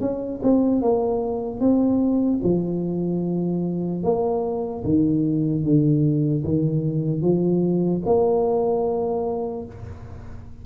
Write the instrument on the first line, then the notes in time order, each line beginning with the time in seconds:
tuba
0.00 C#4
0.43 C4
0.81 A#3
1.60 C4
2.43 F3
4.03 A#3
4.84 D#3
5.64 D3
6.44 D#3
7.21 F3
8.05 A#3